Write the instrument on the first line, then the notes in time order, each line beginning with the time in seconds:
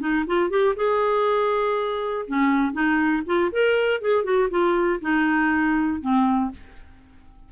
clarinet
0.00 D#4
0.27 F4
0.50 G4
0.76 G#4
2.27 C#4
2.73 D#4
3.26 F4
3.52 A#4
4.01 G#4
4.24 F#4
4.50 F4
5.01 D#4
6.01 C4